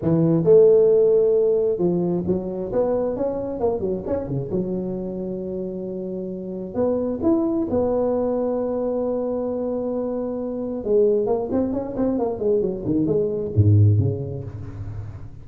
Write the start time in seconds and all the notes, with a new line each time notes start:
0.02 E3
0.44 A3
1.78 F3
2.26 F#3
2.72 B3
3.16 C#4
3.60 A#3
3.80 F#3
4.07 C#4
4.27 C#3
4.51 F#3
6.74 B3
7.22 E4
7.69 B3
10.84 G#3
11.26 A#3
11.51 C4
11.72 C#4
11.96 C4
12.18 A#3
12.39 G#3
12.61 F#3
12.85 D#3
13.06 G#3
13.55 G#2
13.98 C#3